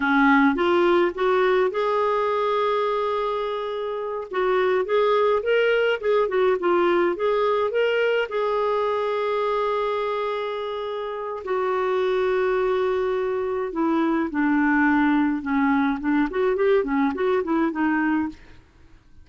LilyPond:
\new Staff \with { instrumentName = "clarinet" } { \time 4/4 \tempo 4 = 105 cis'4 f'4 fis'4 gis'4~ | gis'2.~ gis'8 fis'8~ | fis'8 gis'4 ais'4 gis'8 fis'8 f'8~ | f'8 gis'4 ais'4 gis'4.~ |
gis'1 | fis'1 | e'4 d'2 cis'4 | d'8 fis'8 g'8 cis'8 fis'8 e'8 dis'4 | }